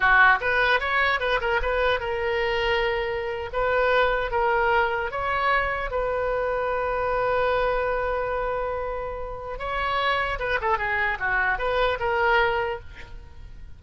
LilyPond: \new Staff \with { instrumentName = "oboe" } { \time 4/4 \tempo 4 = 150 fis'4 b'4 cis''4 b'8 ais'8 | b'4 ais'2.~ | ais'8. b'2 ais'4~ ais'16~ | ais'8. cis''2 b'4~ b'16~ |
b'1~ | b'1 | cis''2 b'8 a'8 gis'4 | fis'4 b'4 ais'2 | }